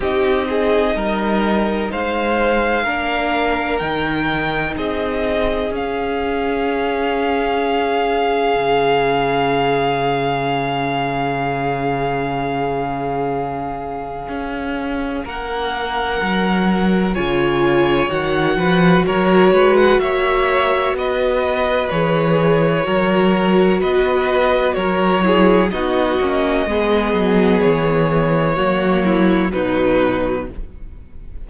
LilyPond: <<
  \new Staff \with { instrumentName = "violin" } { \time 4/4 \tempo 4 = 63 dis''2 f''2 | g''4 dis''4 f''2~ | f''1~ | f''1 |
fis''2 gis''4 fis''4 | cis''8. fis''16 e''4 dis''4 cis''4~ | cis''4 dis''4 cis''4 dis''4~ | dis''4 cis''2 b'4 | }
  \new Staff \with { instrumentName = "violin" } { \time 4/4 g'8 gis'8 ais'4 c''4 ais'4~ | ais'4 gis'2.~ | gis'1~ | gis'1 |
ais'2 cis''4. b'8 | ais'8 b'8 cis''4 b'2 | ais'4 b'4 ais'8 gis'8 fis'4 | gis'2 fis'8 e'8 dis'4 | }
  \new Staff \with { instrumentName = "viola" } { \time 4/4 dis'2. d'4 | dis'2 cis'2~ | cis'1~ | cis'1~ |
cis'2 f'4 fis'4~ | fis'2. gis'4 | fis'2~ fis'8 e'8 dis'8 cis'8 | b2 ais4 fis4 | }
  \new Staff \with { instrumentName = "cello" } { \time 4/4 c'4 g4 gis4 ais4 | dis4 c'4 cis'2~ | cis'4 cis2.~ | cis2. cis'4 |
ais4 fis4 cis4 dis8 f8 | fis8 gis8 ais4 b4 e4 | fis4 b4 fis4 b8 ais8 | gis8 fis8 e4 fis4 b,4 | }
>>